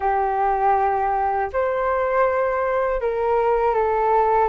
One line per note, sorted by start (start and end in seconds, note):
0.00 1.50 G4
1.52 3.00 C5
3.00 3.74 A#4
3.74 4.48 A4